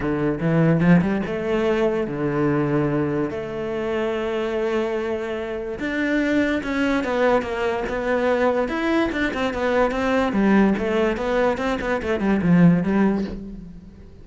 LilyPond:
\new Staff \with { instrumentName = "cello" } { \time 4/4 \tempo 4 = 145 d4 e4 f8 g8 a4~ | a4 d2. | a1~ | a2 d'2 |
cis'4 b4 ais4 b4~ | b4 e'4 d'8 c'8 b4 | c'4 g4 a4 b4 | c'8 b8 a8 g8 f4 g4 | }